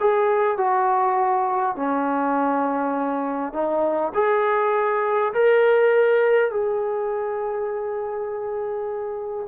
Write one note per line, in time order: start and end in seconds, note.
0.00 0.58 G#4
0.58 1.76 F#4
1.76 3.53 C#4
3.53 4.12 D#4
4.14 5.33 G#4
5.33 6.51 A#4
6.51 9.48 G#4